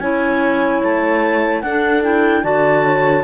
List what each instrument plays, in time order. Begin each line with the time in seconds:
0.00 cello C#4, clarinet E4 G#5, horn C#5
0.84 cello A3, clarinet A5
1.62 cello D4, clarinet D4 F#5, horn A4
2.03 clarinet E4 G5
2.43 cello D3, clarinet F#4 A5, horn D5
2.84 horn C#5